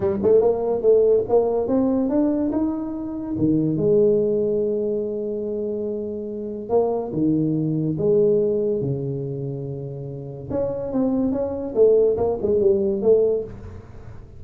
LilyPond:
\new Staff \with { instrumentName = "tuba" } { \time 4/4 \tempo 4 = 143 g8 a8 ais4 a4 ais4 | c'4 d'4 dis'2 | dis4 gis2.~ | gis1 |
ais4 dis2 gis4~ | gis4 cis2.~ | cis4 cis'4 c'4 cis'4 | a4 ais8 gis8 g4 a4 | }